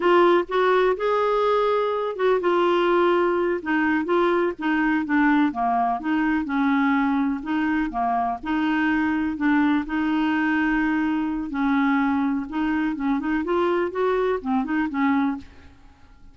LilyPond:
\new Staff \with { instrumentName = "clarinet" } { \time 4/4 \tempo 4 = 125 f'4 fis'4 gis'2~ | gis'8 fis'8 f'2~ f'8 dis'8~ | dis'8 f'4 dis'4 d'4 ais8~ | ais8 dis'4 cis'2 dis'8~ |
dis'8 ais4 dis'2 d'8~ | d'8 dis'2.~ dis'8 | cis'2 dis'4 cis'8 dis'8 | f'4 fis'4 c'8 dis'8 cis'4 | }